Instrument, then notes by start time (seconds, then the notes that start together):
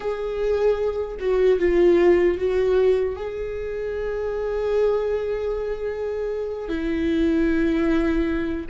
viola
0.00 G#4
1.19 F#4
1.59 F4
2.38 F#4
3.15 G#4
6.69 E4